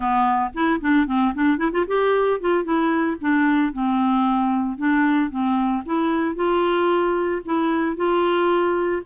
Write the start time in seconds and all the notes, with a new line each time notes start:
0.00 B3
0.54 E4
0.80 D4
1.06 C4
1.34 D4
1.57 E4
1.72 F4
1.87 G4
2.40 F4
2.64 E4
3.21 D4
3.72 C4
4.77 D4
5.30 C4
5.85 E4
6.35 F4
7.45 E4
7.96 F4